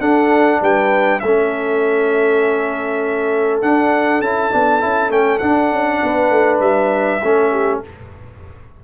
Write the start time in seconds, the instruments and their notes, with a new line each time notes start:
0.00 tuba D4, trombone D4, horn A4, trumpet F#5
0.61 tuba G3, horn B4, trumpet G5
1.19 tuba A3, trombone C#4, horn A4, trumpet E5
3.61 tuba D4, trombone D4, trumpet F#5
4.20 tuba C#4, trombone E4, trumpet A5
4.51 tuba B3, trombone D4
4.80 tuba C#4, trombone E4
5.09 tuba A3, trombone C#4, trumpet G5
5.38 trombone D4, tuba D4, trumpet F#5
5.72 tuba C#4
6.03 tuba B3, horn B4
6.30 tuba A3
6.59 tuba G3, trumpet E5
7.22 tuba A3, trombone C#4, horn A4
7.51 horn G4